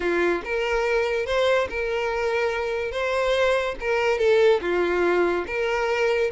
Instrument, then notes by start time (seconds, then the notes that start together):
violin
0.00 F4
0.44 A#4
1.26 C5
1.69 A#4
2.91 C5
3.80 A#4
4.18 A4
4.61 F4
5.46 A#4